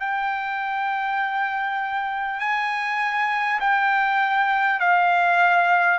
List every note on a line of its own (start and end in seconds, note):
0.00 2.40 G5
2.40 3.60 G#5
3.60 4.80 G5
4.80 5.99 F5